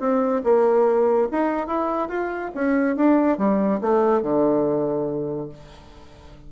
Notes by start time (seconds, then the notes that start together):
0.00 C4
0.44 A#3
1.32 D#4
1.67 E4
2.09 F4
2.55 C#4
2.96 D4
3.38 G3
3.81 A3
4.22 D3